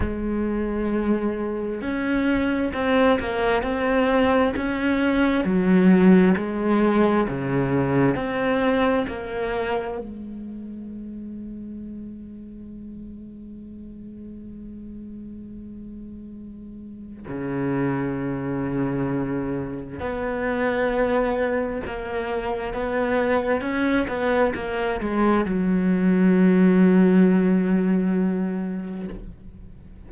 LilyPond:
\new Staff \with { instrumentName = "cello" } { \time 4/4 \tempo 4 = 66 gis2 cis'4 c'8 ais8 | c'4 cis'4 fis4 gis4 | cis4 c'4 ais4 gis4~ | gis1~ |
gis2. cis4~ | cis2 b2 | ais4 b4 cis'8 b8 ais8 gis8 | fis1 | }